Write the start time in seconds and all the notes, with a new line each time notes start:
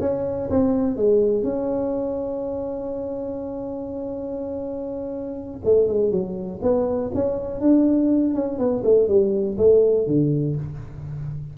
0.00 C#4
0.50 C4
0.96 G#3
1.43 C#4
5.64 A3
5.87 G#3
6.11 F#3
6.62 B3
7.14 C#4
7.61 D4
8.34 C#4
8.58 B3
8.84 A3
9.08 G3
9.58 A3
10.07 D3